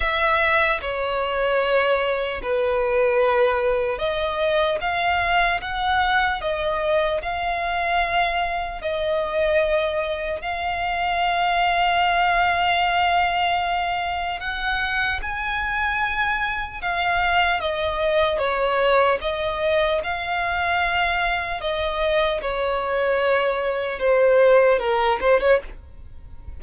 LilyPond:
\new Staff \with { instrumentName = "violin" } { \time 4/4 \tempo 4 = 75 e''4 cis''2 b'4~ | b'4 dis''4 f''4 fis''4 | dis''4 f''2 dis''4~ | dis''4 f''2.~ |
f''2 fis''4 gis''4~ | gis''4 f''4 dis''4 cis''4 | dis''4 f''2 dis''4 | cis''2 c''4 ais'8 c''16 cis''16 | }